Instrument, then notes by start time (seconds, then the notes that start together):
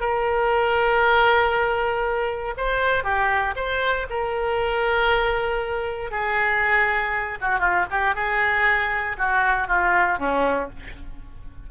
oboe
0.00 A#4
2.57 C5
3.03 G4
3.56 C5
4.10 A#4
6.11 G#4
7.41 F#4
7.59 F4
7.90 G4
8.15 G#4
9.18 F#4
9.67 F4
10.18 C#4